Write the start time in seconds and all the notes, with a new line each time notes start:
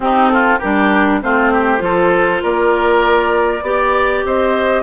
0.00 C4 D#4 G4
0.28 F4 A4
0.58 G3 D4 G4 A#4
1.22 A3 C4 F4 C5
1.52 G4
1.78 F3 F4 A4
2.42 A#3 A#4 D5
3.62 B3 G4 D5
4.24 C4 C5 D#5